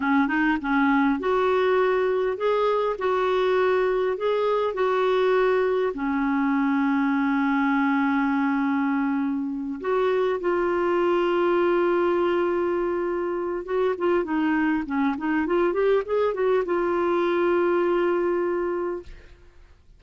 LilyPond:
\new Staff \with { instrumentName = "clarinet" } { \time 4/4 \tempo 4 = 101 cis'8 dis'8 cis'4 fis'2 | gis'4 fis'2 gis'4 | fis'2 cis'2~ | cis'1~ |
cis'8 fis'4 f'2~ f'8~ | f'2. fis'8 f'8 | dis'4 cis'8 dis'8 f'8 g'8 gis'8 fis'8 | f'1 | }